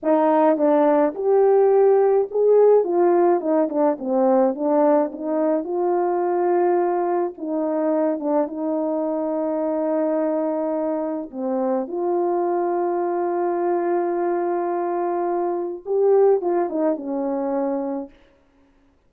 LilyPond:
\new Staff \with { instrumentName = "horn" } { \time 4/4 \tempo 4 = 106 dis'4 d'4 g'2 | gis'4 f'4 dis'8 d'8 c'4 | d'4 dis'4 f'2~ | f'4 dis'4. d'8 dis'4~ |
dis'1 | c'4 f'2.~ | f'1 | g'4 f'8 dis'8 cis'2 | }